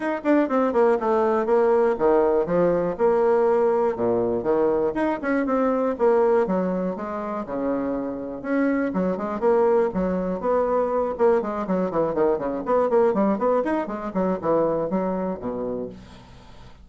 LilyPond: \new Staff \with { instrumentName = "bassoon" } { \time 4/4 \tempo 4 = 121 dis'8 d'8 c'8 ais8 a4 ais4 | dis4 f4 ais2 | ais,4 dis4 dis'8 cis'8 c'4 | ais4 fis4 gis4 cis4~ |
cis4 cis'4 fis8 gis8 ais4 | fis4 b4. ais8 gis8 fis8 | e8 dis8 cis8 b8 ais8 g8 b8 dis'8 | gis8 fis8 e4 fis4 b,4 | }